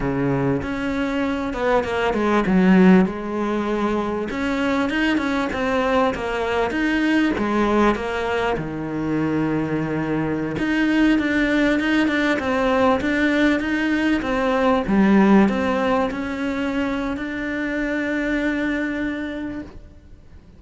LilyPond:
\new Staff \with { instrumentName = "cello" } { \time 4/4 \tempo 4 = 98 cis4 cis'4. b8 ais8 gis8 | fis4 gis2 cis'4 | dis'8 cis'8 c'4 ais4 dis'4 | gis4 ais4 dis2~ |
dis4~ dis16 dis'4 d'4 dis'8 d'16~ | d'16 c'4 d'4 dis'4 c'8.~ | c'16 g4 c'4 cis'4.~ cis'16 | d'1 | }